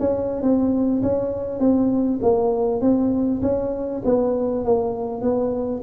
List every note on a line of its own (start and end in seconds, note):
0.00 0.42 C#4
0.42 1.02 C4
1.03 1.60 C#4
1.60 2.20 C4
2.22 2.82 A#3
2.82 3.42 C4
3.42 4.02 C#4
4.05 4.65 B3
4.65 5.22 A#3
5.22 5.82 B3